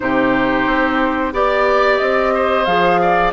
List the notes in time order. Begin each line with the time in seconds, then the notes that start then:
0.00 C3 D#4 G4 C5
0.66 C4
1.32 B3 G4 D5
1.98 C4 D#5
2.34 C5
2.65 F3 G#4 F5
3.01 D5